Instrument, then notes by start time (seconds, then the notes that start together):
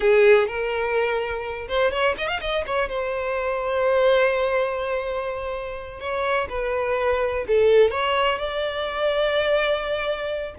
violin
0.00 G#4
0.47 A#4
1.68 C5
1.91 C#5
2.17 D#5
2.28 F5
2.40 D#5
2.66 C#5
2.89 C5
6.00 C#5
6.49 B4
7.47 A4
7.90 C#5
8.38 D5